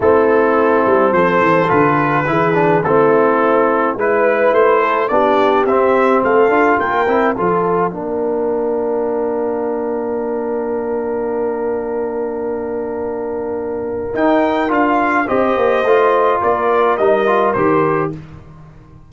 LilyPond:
<<
  \new Staff \with { instrumentName = "trumpet" } { \time 4/4 \tempo 4 = 106 a'2 c''4 b'4~ | b'4 a'2 b'4 | c''4 d''4 e''4 f''4 | g''4 f''2.~ |
f''1~ | f''1~ | f''4 g''4 f''4 dis''4~ | dis''4 d''4 dis''4 c''4 | }
  \new Staff \with { instrumentName = "horn" } { \time 4/4 e'2 a'2 | gis'4 e'2 b'4~ | b'8 a'8 g'2 a'4 | ais'4 a'4 ais'2~ |
ais'1~ | ais'1~ | ais'2. c''4~ | c''4 ais'2. | }
  \new Staff \with { instrumentName = "trombone" } { \time 4/4 c'2. f'4 | e'8 d'8 c'2 e'4~ | e'4 d'4 c'4. f'8~ | f'8 e'8 f'4 d'2~ |
d'1~ | d'1~ | d'4 dis'4 f'4 g'4 | f'2 dis'8 f'8 g'4 | }
  \new Staff \with { instrumentName = "tuba" } { \time 4/4 a4. g8 f8 e8 d4 | e4 a2 gis4 | a4 b4 c'4 a8 d'8 | ais8 c'8 f4 ais2~ |
ais1~ | ais1~ | ais4 dis'4 d'4 c'8 ais8 | a4 ais4 g4 dis4 | }
>>